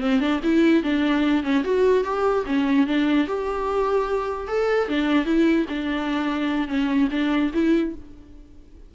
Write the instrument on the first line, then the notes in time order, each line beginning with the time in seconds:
viola
0.00 C4
0.20 D4
0.43 E4
0.83 D4
1.43 C#4
1.64 F#4
2.04 G4
2.46 C#4
2.87 D4
3.27 G4
4.48 A4
4.88 D4
5.25 E4
5.69 D4
6.68 C#4
7.11 D4
7.54 E4